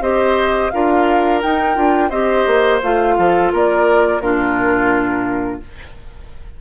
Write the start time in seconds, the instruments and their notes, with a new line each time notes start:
0.00 bassoon C4, clarinet G4, oboe C5, flute D#5
0.70 bassoon D4, clarinet F4, oboe A#4, flute F5
1.42 clarinet D#4, bassoon D#4, flute G5
1.75 bassoon D4, clarinet F4
2.09 bassoon C4, clarinet G4, oboe C5, flute D#5
2.47 bassoon A#3
2.83 bassoon A3, clarinet F4, flute F5
3.17 bassoon F3, oboe A4
3.52 bassoon A#3, oboe A#4, flute D5
4.20 bassoon A#2, clarinet D4, oboe F4, flute A#4